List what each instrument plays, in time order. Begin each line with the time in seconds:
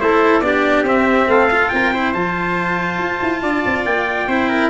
0.00 tuba A3, cello E4, trumpet A4 C5
0.41 tuba B3, cello D4, trumpet G4 D5
0.84 tuba C4, cello C4, trumpet E5
1.28 tuba A3, trumpet A4 F5
1.51 cello F4
1.69 tuba C4, trumpet A#4 G5
1.94 cello E4, trumpet C5
2.14 tuba F3, cello F4, trumpet A5
2.99 tuba F4
3.22 tuba E4
3.43 tuba D4, trumpet D5
3.66 tuba C4
3.85 tuba A#3, trumpet G5
4.27 tuba C4, cello E4, trumpet C5
4.49 trumpet A#4